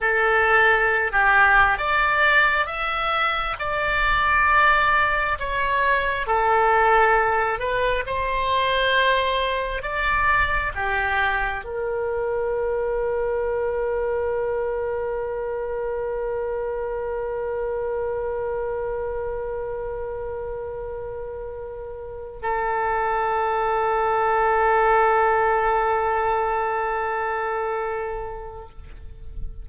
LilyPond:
\new Staff \with { instrumentName = "oboe" } { \time 4/4 \tempo 4 = 67 a'4~ a'16 g'8. d''4 e''4 | d''2 cis''4 a'4~ | a'8 b'8 c''2 d''4 | g'4 ais'2.~ |
ais'1~ | ais'1~ | ais'4 a'2.~ | a'1 | }